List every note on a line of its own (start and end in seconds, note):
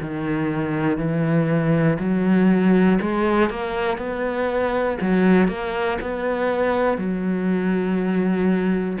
0.00 0.97 D#3
0.97 1.97 E3
1.99 2.99 F#3
3.00 3.50 G#3
3.50 3.97 A#3
3.97 4.97 B3
5.00 5.47 F#3
5.47 5.97 A#3
6.01 6.97 B3
6.97 8.97 F#3